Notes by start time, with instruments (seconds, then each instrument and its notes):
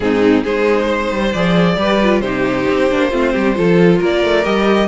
0.00 cello G#2, viola C4, violin D#4 G#4
0.43 cello G#3, viola D#4, violin G#4 C5
0.86 violin C5
1.11 cello G3
1.33 cello F3, viola G#4, violin D5
1.76 cello G3, viola G4, violin B4
2.02 viola F4
2.20 cello C3, viola D#4, violin G4 C5
2.69 cello C4
2.90 cello A#3, viola D4
3.10 cello A3, viola C4, violin F4
3.32 cello G3, violin G4
3.55 cello F3, viola F4, violin A4
3.98 cello A#3, violin A#4 D5
4.23 cello A3
4.43 cello G3, viola G4, violin D#5